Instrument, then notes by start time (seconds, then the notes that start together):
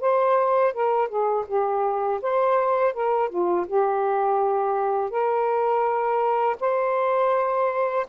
saxophone
0.00 C5
0.73 A#4
1.08 G#4
1.47 G4
2.22 C5
2.93 A#4
3.29 F4
3.67 G4
5.10 A#4
6.60 C5